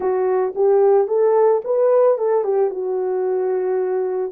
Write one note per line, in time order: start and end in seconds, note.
0.00 0.53 F#4
0.55 1.07 G4
1.07 1.61 A4
1.64 2.17 B4
2.17 2.44 A4
2.44 2.70 G4
2.70 4.31 F#4